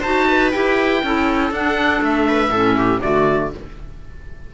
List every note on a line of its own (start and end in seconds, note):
0.00 0.53 D#4
0.00 0.52 F#4
0.00 0.25 C5
0.00 0.51 A5
0.27 1.02 B4
0.51 1.03 E4
0.51 1.02 G4
0.51 1.51 G5
1.03 1.50 C#4
1.03 1.52 E4
1.03 2.28 A4
1.50 2.00 D4
1.50 2.52 D4
1.50 2.03 F#5
2.01 2.49 A3
2.01 3.01 E5
2.28 2.51 B4
2.49 2.99 A2
2.49 3.00 C#4
2.49 2.76 A4
2.76 3.01 G4
3.00 3.54 D3
3.00 3.50 A3
3.00 3.53 F#4
3.00 3.51 D5